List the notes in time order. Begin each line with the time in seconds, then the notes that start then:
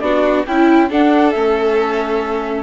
0.00 B3 D4 F#4 D5
0.46 C#4 E4 G5
0.90 D4 A4 F#5
1.31 A3 C#4 E5